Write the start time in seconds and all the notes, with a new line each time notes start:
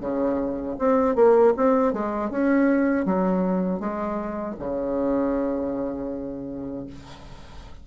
0.00 C#3
0.78 C4
1.15 A#3
1.56 C4
1.93 G#3
2.30 C#4
3.05 F#3
3.79 G#3
4.59 C#3